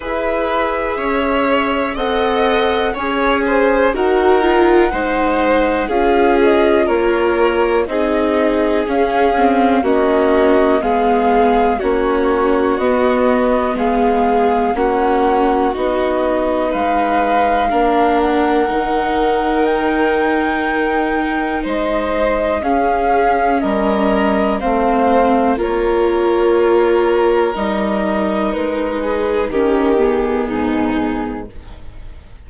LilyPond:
<<
  \new Staff \with { instrumentName = "flute" } { \time 4/4 \tempo 4 = 61 e''2 fis''4 gis''4 | fis''2 f''8 dis''8 cis''4 | dis''4 f''4 dis''4 f''4 | cis''4 dis''4 f''4 fis''4 |
dis''4 f''4. fis''4. | g''2 dis''4 f''4 | dis''4 f''4 cis''2 | dis''4 b'4 ais'8 gis'4. | }
  \new Staff \with { instrumentName = "violin" } { \time 4/4 b'4 cis''4 dis''4 cis''8 c''8 | ais'4 c''4 gis'4 ais'4 | gis'2 fis'4 gis'4 | fis'2 gis'4 fis'4~ |
fis'4 b'4 ais'2~ | ais'2 c''4 gis'4 | ais'4 c''4 ais'2~ | ais'4. gis'8 g'4 dis'4 | }
  \new Staff \with { instrumentName = "viola" } { \time 4/4 gis'2 a'4 gis'4 | fis'8 f'8 dis'4 f'2 | dis'4 cis'8 c'8 cis'4 b4 | cis'4 b2 cis'4 |
dis'2 d'4 dis'4~ | dis'2. cis'4~ | cis'4 c'4 f'2 | dis'2 cis'8 b4. | }
  \new Staff \with { instrumentName = "bassoon" } { \time 4/4 e'4 cis'4 c'4 cis'4 | dis'4 gis4 cis'4 ais4 | c'4 cis'4 ais4 gis4 | ais4 b4 gis4 ais4 |
b4 gis4 ais4 dis4~ | dis2 gis4 cis'4 | g4 a4 ais2 | g4 gis4 dis4 gis,4 | }
>>